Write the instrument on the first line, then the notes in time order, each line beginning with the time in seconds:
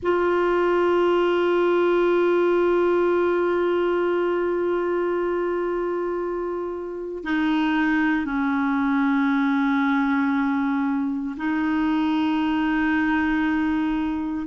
clarinet
0.02 F4
7.24 D#4
8.25 C#4
11.36 D#4